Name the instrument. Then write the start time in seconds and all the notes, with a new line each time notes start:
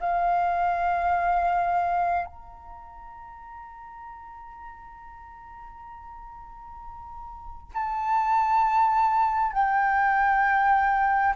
flute
0.00 F5
2.26 A#5
7.74 A5
9.52 G5